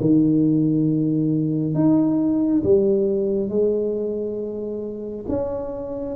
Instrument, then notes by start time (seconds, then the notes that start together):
tuba
0.00 D#3
1.74 D#4
2.63 G3
3.49 G#3
5.28 C#4